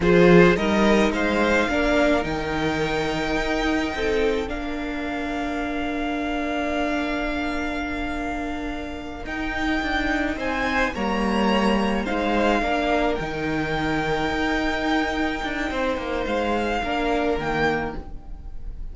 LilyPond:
<<
  \new Staff \with { instrumentName = "violin" } { \time 4/4 \tempo 4 = 107 c''4 dis''4 f''2 | g''1 | f''1~ | f''1~ |
f''8 g''2 gis''4 ais''8~ | ais''4. f''2 g''8~ | g''1~ | g''4 f''2 g''4 | }
  \new Staff \with { instrumentName = "violin" } { \time 4/4 gis'4 ais'4 c''4 ais'4~ | ais'2. a'4 | ais'1~ | ais'1~ |
ais'2~ ais'8 c''4 cis''8~ | cis''4. c''4 ais'4.~ | ais'1 | c''2 ais'2 | }
  \new Staff \with { instrumentName = "viola" } { \time 4/4 f'4 dis'2 d'4 | dis'1 | d'1~ | d'1~ |
d'8 dis'2. ais8~ | ais4. dis'4 d'4 dis'8~ | dis'1~ | dis'2 d'4 ais4 | }
  \new Staff \with { instrumentName = "cello" } { \time 4/4 f4 g4 gis4 ais4 | dis2 dis'4 c'4 | ais1~ | ais1~ |
ais8 dis'4 d'4 c'4 g8~ | g4. gis4 ais4 dis8~ | dis4. dis'2 d'8 | c'8 ais8 gis4 ais4 dis4 | }
>>